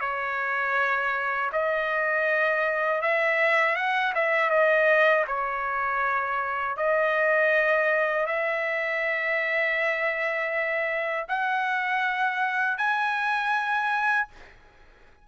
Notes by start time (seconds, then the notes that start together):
0.00 C#5
1.52 D#5
3.01 E5
3.75 F#5
4.14 E5
4.50 D#5
5.27 C#5
6.76 D#5
8.26 E5
11.28 F#5
12.77 G#5